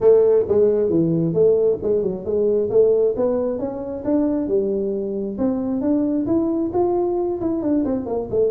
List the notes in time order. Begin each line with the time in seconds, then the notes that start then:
0.00 A3
0.48 G#3
0.89 E3
1.33 A3
1.82 G#3
2.02 F#3
2.24 G#3
2.70 A3
3.16 B3
3.59 C#4
4.04 D4
4.47 G3
5.37 C4
5.81 D4
6.26 E4
6.73 F4
7.40 E4
7.61 D4
7.84 C4
8.06 A#3
8.30 A3